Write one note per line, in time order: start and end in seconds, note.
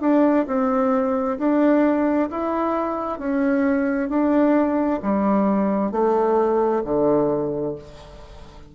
0.00 0.45 D4
0.47 1.38 C4
1.38 2.29 D4
2.30 3.19 E4
3.19 4.09 C#4
4.09 5.00 D4
5.02 5.91 G3
5.91 6.82 A3
6.84 7.75 D3